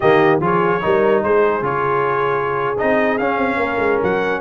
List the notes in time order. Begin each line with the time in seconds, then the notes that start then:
0.00 D#3 A#3 G4 D#5
0.40 F3 F4 G#4 C#5
0.81 G3 D#4 A#4
1.23 G#3 G#4 C5
1.62 C#3 F4 C#5
2.78 C4 D#4 D#5
3.18 C#4 F5
3.37 C4
3.56 A#3 A#4
3.78 G#3
4.03 F#3 F#5